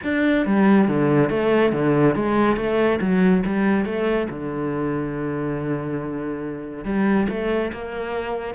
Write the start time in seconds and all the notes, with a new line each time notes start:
0.03 D4
0.45 G3
0.88 D3
1.29 A3
1.72 D3
2.15 G#3
2.56 A3
3.00 F#3
3.45 G3
3.85 A3
4.29 D3
6.84 G3
7.29 A3
7.72 A#3